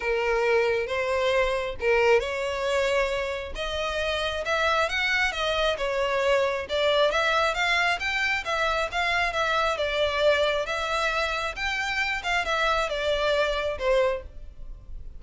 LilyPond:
\new Staff \with { instrumentName = "violin" } { \time 4/4 \tempo 4 = 135 ais'2 c''2 | ais'4 cis''2. | dis''2 e''4 fis''4 | dis''4 cis''2 d''4 |
e''4 f''4 g''4 e''4 | f''4 e''4 d''2 | e''2 g''4. f''8 | e''4 d''2 c''4 | }